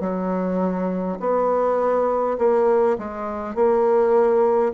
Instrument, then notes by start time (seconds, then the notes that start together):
bassoon
0.00 F#3
1.20 B3
2.38 A#3
2.98 G#3
3.55 A#3